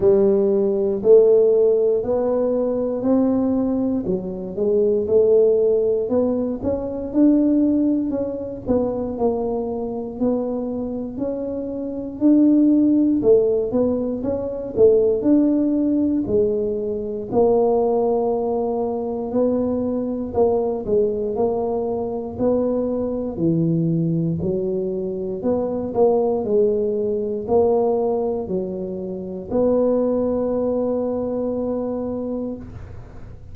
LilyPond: \new Staff \with { instrumentName = "tuba" } { \time 4/4 \tempo 4 = 59 g4 a4 b4 c'4 | fis8 gis8 a4 b8 cis'8 d'4 | cis'8 b8 ais4 b4 cis'4 | d'4 a8 b8 cis'8 a8 d'4 |
gis4 ais2 b4 | ais8 gis8 ais4 b4 e4 | fis4 b8 ais8 gis4 ais4 | fis4 b2. | }